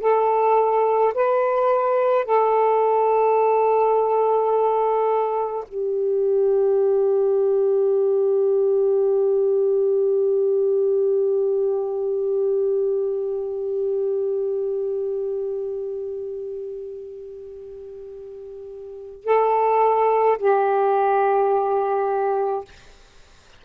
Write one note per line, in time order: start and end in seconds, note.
0.00 1.13 A4
1.14 2.24 B4
2.24 5.64 A4
5.68 19.24 G4
19.24 20.37 A4
20.38 22.64 G4